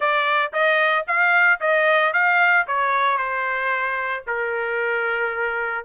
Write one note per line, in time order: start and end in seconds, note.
0.00 0.52 D5
0.52 1.05 D#5
1.07 1.60 F5
1.60 2.13 D#5
2.13 2.66 F5
2.67 3.17 C#5
3.17 4.24 C5
4.26 5.85 A#4